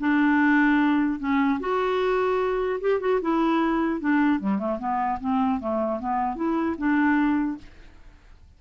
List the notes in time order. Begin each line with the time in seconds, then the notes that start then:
0.00 D4
1.20 C#4
1.60 F#4
2.81 G4
3.01 F#4
3.22 E4
4.00 D4
4.40 G3
4.59 A3
4.79 B3
5.21 C4
5.61 A3
6.00 B3
6.36 E4
6.78 D4